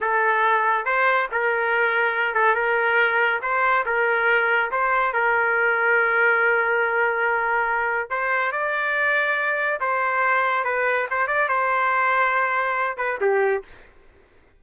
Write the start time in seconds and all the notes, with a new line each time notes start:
0.00 A4
0.85 C5
1.31 A#4
2.34 A4
2.54 A#4
3.42 C5
3.85 A#4
4.71 C5
5.13 A#4
8.10 C5
8.52 D5
9.80 C5
10.64 B4
11.10 C5
11.27 D5
11.48 C5
12.97 B4
13.20 G4